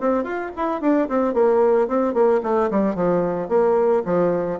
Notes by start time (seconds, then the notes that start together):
0.00 C4
0.24 F4
0.56 E4
0.81 D4
1.08 C4
1.34 A#3
1.87 C4
2.14 A#3
2.43 A3
2.71 G3
2.95 F3
3.48 A#3
4.05 F3